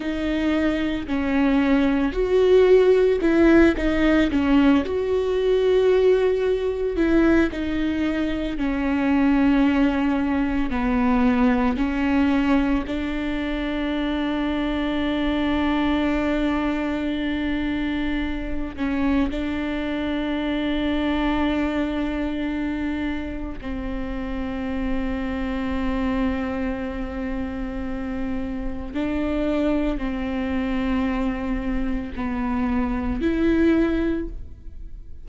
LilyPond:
\new Staff \with { instrumentName = "viola" } { \time 4/4 \tempo 4 = 56 dis'4 cis'4 fis'4 e'8 dis'8 | cis'8 fis'2 e'8 dis'4 | cis'2 b4 cis'4 | d'1~ |
d'4. cis'8 d'2~ | d'2 c'2~ | c'2. d'4 | c'2 b4 e'4 | }